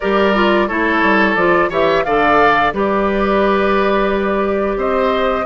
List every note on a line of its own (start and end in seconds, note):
0.00 0.69 G3
0.00 0.34 G4
0.00 0.68 A#4
0.00 0.67 D5
0.34 0.68 F4
0.67 1.02 A3
0.67 1.37 E4
0.67 1.69 A4
0.67 1.35 C#5
1.02 1.35 G3
1.35 1.69 F3
1.35 1.71 F4
1.35 1.69 D5
1.69 2.04 E3
1.69 2.05 G4
1.69 2.03 C#5
1.69 2.04 E5
2.04 2.73 D3
2.04 2.73 A4
2.04 2.73 D5
2.04 2.72 F5
2.73 4.76 G3
2.73 5.45 G4
2.73 4.77 B4
2.73 4.79 D5
4.76 5.44 C4
4.76 5.45 C5
4.76 5.45 D#5